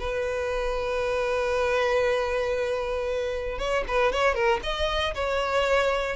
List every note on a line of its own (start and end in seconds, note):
0.00 3.59 B4
3.59 3.84 C#5
3.88 4.12 B4
4.12 4.35 C#5
4.35 4.60 A#4
4.63 5.14 D#5
5.15 6.17 C#5